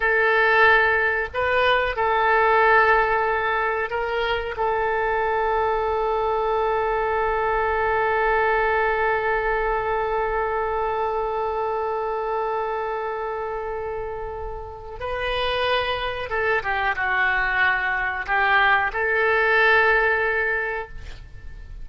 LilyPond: \new Staff \with { instrumentName = "oboe" } { \time 4/4 \tempo 4 = 92 a'2 b'4 a'4~ | a'2 ais'4 a'4~ | a'1~ | a'1~ |
a'1~ | a'2. b'4~ | b'4 a'8 g'8 fis'2 | g'4 a'2. | }